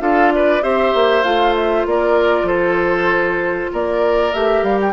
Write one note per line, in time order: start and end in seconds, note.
0.00 0.62 D4
0.00 0.62 F4
0.00 0.33 A4
0.00 0.32 F5
0.33 0.63 B4
0.33 0.63 D5
0.62 0.94 C4
0.62 1.23 G4
0.62 1.87 C5
0.62 1.24 E5
0.94 1.24 A#3
1.23 1.86 A3
1.23 4.33 F4
1.23 1.55 F5
1.55 1.86 E5
1.86 2.43 A#3
1.86 2.47 A#4
1.86 2.48 D5
2.43 3.67 F3
2.43 3.71 A4
2.43 3.72 C5
3.73 4.34 A#3
3.73 4.93 A#4
3.73 4.34 D5
4.34 4.63 A3
4.34 4.93 G4
4.34 4.63 E5
4.63 4.93 G3
4.63 4.79 F5
4.81 4.93 G5